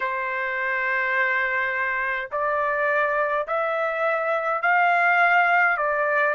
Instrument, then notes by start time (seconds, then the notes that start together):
trumpet
0.00 C5
2.31 D5
3.47 E5
4.62 F5
5.77 D5